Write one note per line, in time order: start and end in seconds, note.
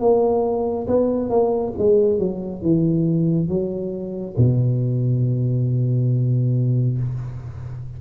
0.00 0.87 A#3
0.87 1.30 B3
1.30 1.73 A#3
1.78 2.19 G#3
2.19 2.62 F#3
2.62 3.49 E3
3.49 4.36 F#3
4.37 6.98 B2